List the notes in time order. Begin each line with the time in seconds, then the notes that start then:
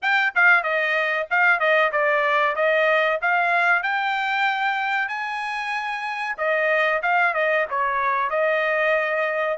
0.01 G5
0.35 F5
0.63 D#5
1.30 F5
1.59 D#5
1.91 D5
2.55 D#5
3.21 F5
3.82 G5
5.08 G#5
6.37 D#5
7.02 F5
7.34 D#5
7.69 C#5
8.30 D#5